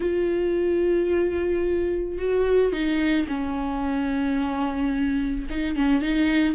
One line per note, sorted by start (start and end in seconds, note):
0.00 2.18 F4
2.18 2.72 F#4
2.72 3.27 D#4
3.28 5.46 C#4
5.50 5.75 D#4
5.75 6.01 C#4
6.01 6.54 D#4